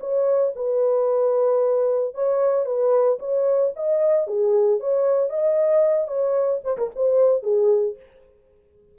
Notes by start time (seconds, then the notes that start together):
0.00 C#5
0.56 B4
2.15 C#5
2.66 B4
3.20 C#5
3.76 D#5
4.27 G#4
4.80 C#5
5.30 D#5
6.08 C#5
6.64 C5
6.78 A#4
6.96 C5
7.43 G#4